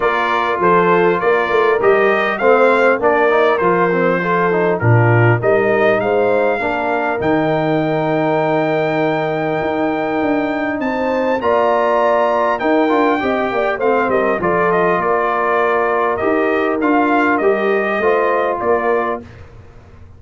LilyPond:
<<
  \new Staff \with { instrumentName = "trumpet" } { \time 4/4 \tempo 4 = 100 d''4 c''4 d''4 dis''4 | f''4 d''4 c''2 | ais'4 dis''4 f''2 | g''1~ |
g''2 a''4 ais''4~ | ais''4 g''2 f''8 dis''8 | d''8 dis''8 d''2 dis''4 | f''4 dis''2 d''4 | }
  \new Staff \with { instrumentName = "horn" } { \time 4/4 ais'4 a'4 ais'2 | c''4 ais'2 a'4 | f'4 ais'4 c''4 ais'4~ | ais'1~ |
ais'2 c''4 d''4~ | d''4 ais'4 dis''8 d''8 c''8 ais'8 | a'4 ais'2.~ | ais'2 c''4 ais'4 | }
  \new Staff \with { instrumentName = "trombone" } { \time 4/4 f'2. g'4 | c'4 d'8 dis'8 f'8 c'8 f'8 dis'8 | d'4 dis'2 d'4 | dis'1~ |
dis'2. f'4~ | f'4 dis'8 f'8 g'4 c'4 | f'2. g'4 | f'4 g'4 f'2 | }
  \new Staff \with { instrumentName = "tuba" } { \time 4/4 ais4 f4 ais8 a8 g4 | a4 ais4 f2 | ais,4 g4 gis4 ais4 | dis1 |
dis'4 d'4 c'4 ais4~ | ais4 dis'8 d'8 c'8 ais8 a8 g8 | f4 ais2 dis'4 | d'4 g4 a4 ais4 | }
>>